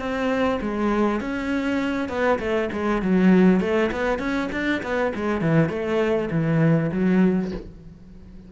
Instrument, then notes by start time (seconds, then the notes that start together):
cello
0.00 C4
0.61 G#3
1.21 C#4
2.09 B3
2.40 A3
2.73 G#3
3.02 F#3
3.61 A3
3.92 B3
4.19 C#4
4.52 D4
4.83 B3
5.15 G#3
5.41 E3
5.69 A3
6.31 E3
6.92 F#3